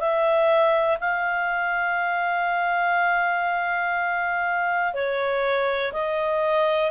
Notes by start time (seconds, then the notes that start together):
0.00 E5
1.01 F5
4.94 C#5
5.93 D#5